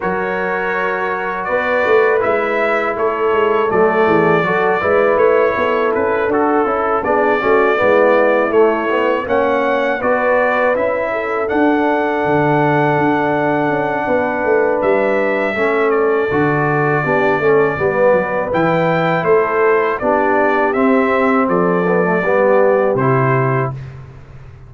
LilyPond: <<
  \new Staff \with { instrumentName = "trumpet" } { \time 4/4 \tempo 4 = 81 cis''2 d''4 e''4 | cis''4 d''2 cis''4 | b'8 a'4 d''2 cis''8~ | cis''8 fis''4 d''4 e''4 fis''8~ |
fis''1 | e''4. d''2~ d''8~ | d''4 g''4 c''4 d''4 | e''4 d''2 c''4 | }
  \new Staff \with { instrumentName = "horn" } { \time 4/4 ais'2 b'2 | a'4. gis'8 a'8 b'4 a'8~ | a'4. gis'8 fis'8 e'4.~ | e'8 cis''4 b'4. a'4~ |
a'2. b'4~ | b'4 a'2 g'8 a'8 | b'2 a'4 g'4~ | g'4 a'4 g'2 | }
  \new Staff \with { instrumentName = "trombone" } { \time 4/4 fis'2. e'4~ | e'4 a4 fis'8 e'4.~ | e'8 fis'8 e'8 d'8 cis'8 b4 a8 | b8 cis'4 fis'4 e'4 d'8~ |
d'1~ | d'4 cis'4 fis'4 d'8 cis'8 | b4 e'2 d'4 | c'4. b16 a16 b4 e'4 | }
  \new Staff \with { instrumentName = "tuba" } { \time 4/4 fis2 b8 a8 gis4 | a8 gis8 fis8 e8 fis8 gis8 a8 b8 | cis'8 d'8 cis'8 b8 a8 gis4 a8~ | a8 ais4 b4 cis'4 d'8~ |
d'8 d4 d'4 cis'8 b8 a8 | g4 a4 d4 b8 a8 | g8 fis8 e4 a4 b4 | c'4 f4 g4 c4 | }
>>